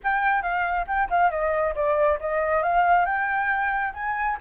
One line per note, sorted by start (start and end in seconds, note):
0.03 0.42 G5
0.42 0.86 F5
0.87 1.08 G5
1.09 1.30 F5
1.30 1.74 D#5
1.75 2.19 D5
2.20 2.63 D#5
2.63 3.05 F5
3.05 3.93 G5
3.93 4.37 G#5